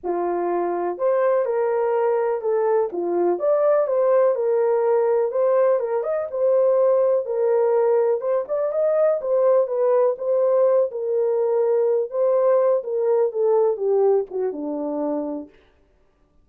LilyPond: \new Staff \with { instrumentName = "horn" } { \time 4/4 \tempo 4 = 124 f'2 c''4 ais'4~ | ais'4 a'4 f'4 d''4 | c''4 ais'2 c''4 | ais'8 dis''8 c''2 ais'4~ |
ais'4 c''8 d''8 dis''4 c''4 | b'4 c''4. ais'4.~ | ais'4 c''4. ais'4 a'8~ | a'8 g'4 fis'8 d'2 | }